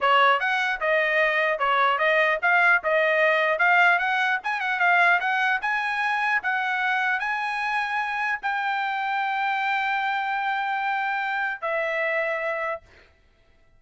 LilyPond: \new Staff \with { instrumentName = "trumpet" } { \time 4/4 \tempo 4 = 150 cis''4 fis''4 dis''2 | cis''4 dis''4 f''4 dis''4~ | dis''4 f''4 fis''4 gis''8 fis''8 | f''4 fis''4 gis''2 |
fis''2 gis''2~ | gis''4 g''2.~ | g''1~ | g''4 e''2. | }